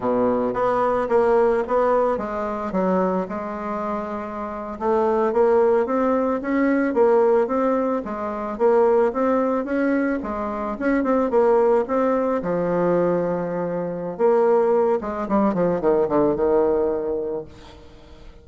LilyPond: \new Staff \with { instrumentName = "bassoon" } { \time 4/4 \tempo 4 = 110 b,4 b4 ais4 b4 | gis4 fis4 gis2~ | gis8. a4 ais4 c'4 cis'16~ | cis'8. ais4 c'4 gis4 ais16~ |
ais8. c'4 cis'4 gis4 cis'16~ | cis'16 c'8 ais4 c'4 f4~ f16~ | f2 ais4. gis8 | g8 f8 dis8 d8 dis2 | }